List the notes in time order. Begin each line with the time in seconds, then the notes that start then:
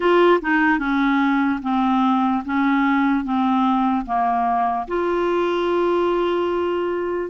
0.00 F4
0.41 D#4
0.79 C#4
1.62 C4
2.45 C#4
3.24 C4
4.05 A#3
4.87 F4